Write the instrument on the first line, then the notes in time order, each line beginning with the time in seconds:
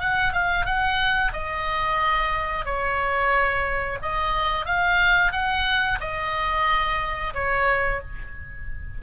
oboe
0.00 F#5
0.33 F5
0.66 F#5
1.33 D#5
2.65 C#5
4.02 D#5
4.66 F5
5.32 F#5
6.01 D#5
7.34 C#5